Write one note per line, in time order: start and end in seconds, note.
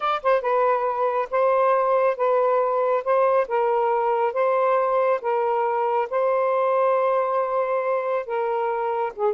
0.00 0.22 D5
0.23 0.41 C5
0.41 1.28 B4
1.30 2.16 C5
2.16 3.03 B4
3.03 3.47 C5
3.48 4.33 A#4
4.33 5.20 C5
5.21 6.08 A#4
6.09 8.26 C5
8.26 9.13 A#4
9.15 9.34 G#4